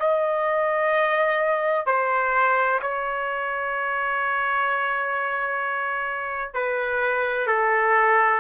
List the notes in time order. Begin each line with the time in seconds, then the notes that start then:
0.00 D#5
1.87 C5
2.82 C#5
6.55 B4
7.47 A4